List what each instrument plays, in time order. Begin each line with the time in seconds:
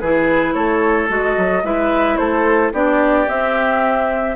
0.00 bassoon E3, clarinet E4, oboe G#4, flute B4
0.53 bassoon A3, oboe A4, flute C#5
1.08 bassoon G#3, clarinet F#4, flute D#5
1.37 bassoon F#3
1.64 bassoon G#3, clarinet E4, oboe B4, flute E5
2.17 bassoon A3, oboe A4, flute C5
2.73 bassoon B3, clarinet D4, oboe G4, flute D5
3.27 clarinet C4, bassoon C4, flute E5